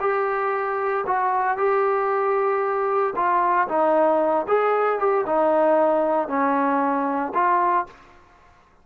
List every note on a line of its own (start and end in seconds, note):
0.00 1.04 G4
1.06 1.57 F#4
1.57 3.14 G4
3.15 3.68 F4
3.68 4.46 D#4
4.48 4.99 G#4
4.99 5.25 G4
5.26 6.28 D#4
6.28 7.33 C#4
7.34 7.86 F4